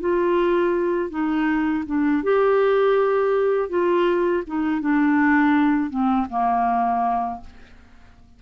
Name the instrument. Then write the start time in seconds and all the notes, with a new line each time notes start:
clarinet
0.00 F4
1.10 D#4
1.86 D4
2.23 G4
3.69 F4
4.47 D#4
4.81 D4
5.90 C4
6.30 A#3